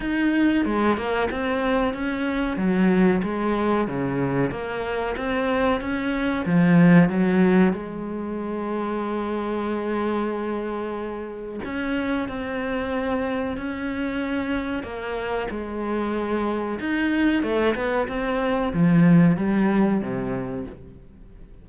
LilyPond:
\new Staff \with { instrumentName = "cello" } { \time 4/4 \tempo 4 = 93 dis'4 gis8 ais8 c'4 cis'4 | fis4 gis4 cis4 ais4 | c'4 cis'4 f4 fis4 | gis1~ |
gis2 cis'4 c'4~ | c'4 cis'2 ais4 | gis2 dis'4 a8 b8 | c'4 f4 g4 c4 | }